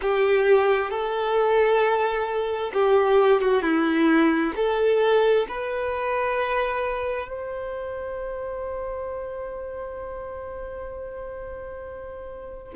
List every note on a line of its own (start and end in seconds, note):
0.01 0.90 G4
0.90 2.72 A4
2.73 3.41 G4
3.41 3.62 F#4
3.62 4.52 E4
4.56 5.47 A4
5.48 7.28 B4
7.28 12.73 C5